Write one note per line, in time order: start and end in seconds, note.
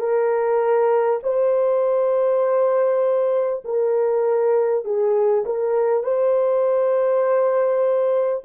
0.00 1.20 A#4
1.23 3.63 C5
3.65 4.85 A#4
4.85 5.45 G#4
5.46 6.04 A#4
6.04 8.44 C5